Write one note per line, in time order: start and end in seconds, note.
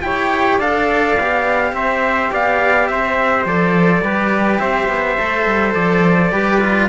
0.00 0.58 E4
0.00 0.60 G4
0.00 0.58 C#5
0.00 0.57 G5
0.58 1.16 D4
0.58 1.17 A4
0.58 1.72 D5
0.58 1.74 F5
1.16 1.72 B3
1.16 3.47 G4
1.72 2.29 C4
1.72 2.32 C5
1.72 2.31 E5
2.32 2.89 B3
2.32 2.89 D5
2.32 2.87 F5
2.87 3.45 C4
2.87 4.03 C5
2.87 3.44 E5
3.45 4.01 F3
3.45 4.04 A4
3.45 4.59 D5
4.01 4.58 G3
4.01 5.18 G4
4.01 4.61 B4
4.59 4.88 C4
4.59 6.32 C5
4.59 5.73 E5
4.88 5.17 B3
5.18 5.46 A3
5.18 6.32 A4
5.46 5.74 G3
5.74 6.31 F3
5.74 6.88 D5
6.31 6.88 G3
6.31 6.60 G4
6.31 6.89 B4
6.60 6.89 F4